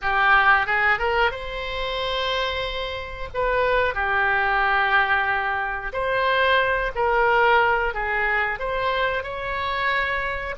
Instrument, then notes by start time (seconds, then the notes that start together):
oboe
0.01 G4
0.66 G#4
0.98 A#4
1.31 C5
3.34 B4
3.94 G4
5.93 C5
6.95 A#4
7.94 G#4
8.59 C5
9.23 C#5